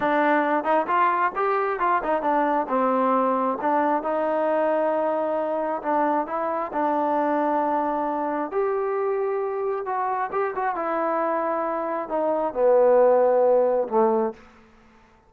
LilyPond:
\new Staff \with { instrumentName = "trombone" } { \time 4/4 \tempo 4 = 134 d'4. dis'8 f'4 g'4 | f'8 dis'8 d'4 c'2 | d'4 dis'2.~ | dis'4 d'4 e'4 d'4~ |
d'2. g'4~ | g'2 fis'4 g'8 fis'8 | e'2. dis'4 | b2. a4 | }